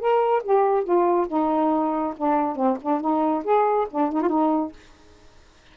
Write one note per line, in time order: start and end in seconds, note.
0.00 0.43 A#4
0.44 0.84 G4
0.84 1.27 F4
1.28 2.14 D#4
2.17 2.56 D4
2.56 2.78 C4
2.82 3.01 D4
3.01 3.44 D#4
3.44 3.88 G#4
3.91 4.12 D4
4.12 4.22 D#4
4.22 4.29 F4
4.29 4.73 D#4